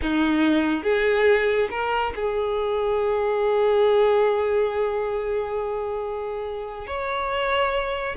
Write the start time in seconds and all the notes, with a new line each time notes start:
0.01 D#4
0.83 G#4
1.70 A#4
2.15 G#4
6.86 C#5